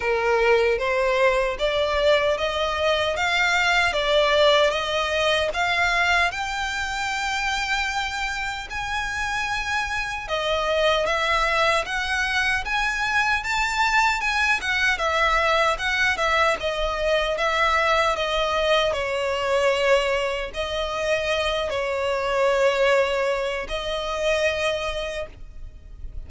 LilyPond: \new Staff \with { instrumentName = "violin" } { \time 4/4 \tempo 4 = 76 ais'4 c''4 d''4 dis''4 | f''4 d''4 dis''4 f''4 | g''2. gis''4~ | gis''4 dis''4 e''4 fis''4 |
gis''4 a''4 gis''8 fis''8 e''4 | fis''8 e''8 dis''4 e''4 dis''4 | cis''2 dis''4. cis''8~ | cis''2 dis''2 | }